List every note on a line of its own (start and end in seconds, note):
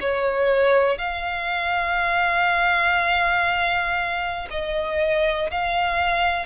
0.00 0.98 C#5
0.98 4.48 F5
4.50 5.50 D#5
5.50 6.45 F5